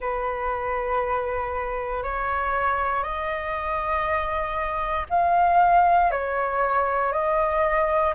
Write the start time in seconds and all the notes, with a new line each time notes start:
0.00 B4
2.03 C#5
3.03 D#5
5.09 F5
6.11 C#5
7.12 D#5